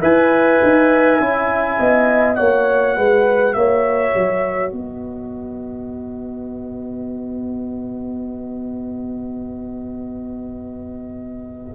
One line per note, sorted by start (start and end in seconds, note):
0.00 0.61 E4
0.00 1.20 B4
0.00 1.76 E5
0.00 2.36 G#5
0.63 1.20 D#4
1.20 1.79 C#4
1.20 2.37 E4
1.79 2.38 B3
1.79 2.37 D#5
2.36 2.96 A#3
2.36 11.75 F#4
2.36 2.96 C#5
2.36 3.53 F#5
2.96 3.55 G#3
2.96 3.56 B4
3.53 4.14 A#3
3.53 4.74 C#5
3.53 4.70 E5
4.14 4.72 F#3
4.70 11.75 B3
4.70 11.75 B4
4.70 11.75 D#5